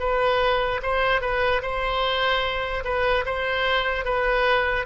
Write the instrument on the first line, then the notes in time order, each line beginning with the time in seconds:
oboe
0.00 B4
0.83 C5
1.22 B4
1.63 C5
2.85 B4
3.26 C5
4.05 B4